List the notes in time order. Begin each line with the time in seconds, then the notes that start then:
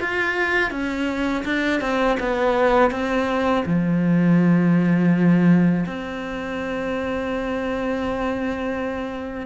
0.00 F4
0.70 C#4
1.44 D4
1.80 C4
2.19 B3
2.90 C4
3.65 F3
5.86 C4